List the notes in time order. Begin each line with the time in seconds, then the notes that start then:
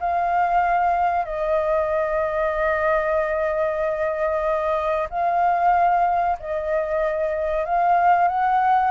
0.00 F5
1.25 D#5
5.10 F5
6.40 D#5
7.65 F5
8.28 F#5